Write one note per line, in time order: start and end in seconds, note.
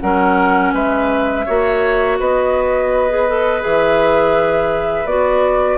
0.00 0.73 F#3
0.00 1.45 C#4
0.00 0.73 A#4
0.00 0.72 F#5
0.73 1.45 G#3
0.73 1.45 B4
0.73 2.19 E5
1.45 2.19 A#3
1.45 3.09 F#4
1.45 2.17 C#5
2.19 3.64 B3
2.19 5.78 B4
2.19 3.63 D#5
3.09 3.27 G#4
3.28 3.60 A4
3.60 5.05 E3
3.60 5.05 G#4
3.60 5.06 E5
5.05 5.77 B3
5.05 5.78 F#4
5.05 5.78 D5